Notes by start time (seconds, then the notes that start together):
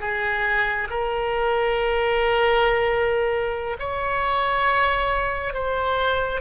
0.00 G#4
0.90 A#4
3.79 C#5
5.54 C5